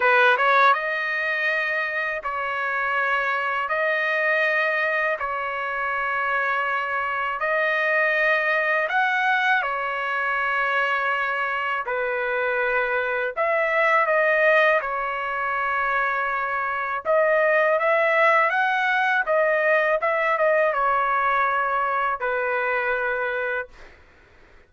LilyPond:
\new Staff \with { instrumentName = "trumpet" } { \time 4/4 \tempo 4 = 81 b'8 cis''8 dis''2 cis''4~ | cis''4 dis''2 cis''4~ | cis''2 dis''2 | fis''4 cis''2. |
b'2 e''4 dis''4 | cis''2. dis''4 | e''4 fis''4 dis''4 e''8 dis''8 | cis''2 b'2 | }